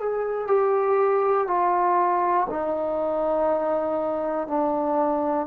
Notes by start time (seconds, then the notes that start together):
0.00 G#4
0.47 G4
1.47 F4
2.50 D#4
4.47 D4